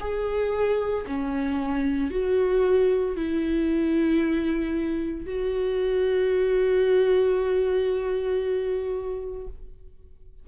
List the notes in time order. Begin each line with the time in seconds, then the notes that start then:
0.00 G#4
1.07 C#4
2.11 F#4
3.16 E4
5.26 F#4